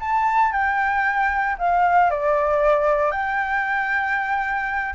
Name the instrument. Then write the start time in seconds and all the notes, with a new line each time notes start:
flute
0.00 A5
0.52 G5
1.58 F5
2.11 D5
3.11 G5